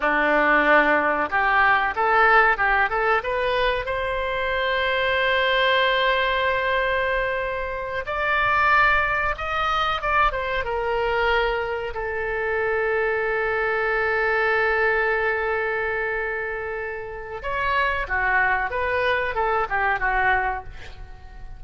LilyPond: \new Staff \with { instrumentName = "oboe" } { \time 4/4 \tempo 4 = 93 d'2 g'4 a'4 | g'8 a'8 b'4 c''2~ | c''1~ | c''8 d''2 dis''4 d''8 |
c''8 ais'2 a'4.~ | a'1~ | a'2. cis''4 | fis'4 b'4 a'8 g'8 fis'4 | }